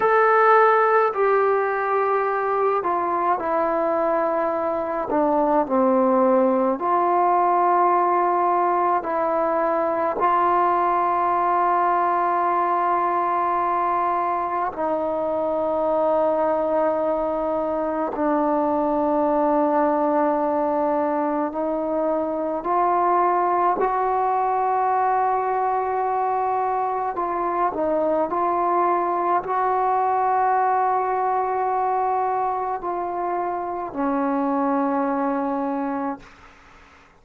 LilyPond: \new Staff \with { instrumentName = "trombone" } { \time 4/4 \tempo 4 = 53 a'4 g'4. f'8 e'4~ | e'8 d'8 c'4 f'2 | e'4 f'2.~ | f'4 dis'2. |
d'2. dis'4 | f'4 fis'2. | f'8 dis'8 f'4 fis'2~ | fis'4 f'4 cis'2 | }